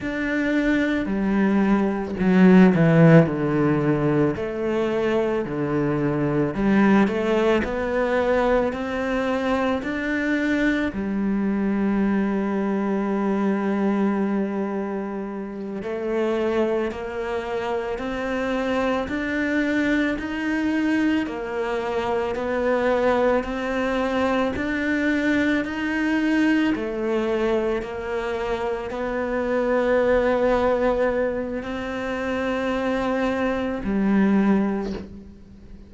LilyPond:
\new Staff \with { instrumentName = "cello" } { \time 4/4 \tempo 4 = 55 d'4 g4 fis8 e8 d4 | a4 d4 g8 a8 b4 | c'4 d'4 g2~ | g2~ g8 a4 ais8~ |
ais8 c'4 d'4 dis'4 ais8~ | ais8 b4 c'4 d'4 dis'8~ | dis'8 a4 ais4 b4.~ | b4 c'2 g4 | }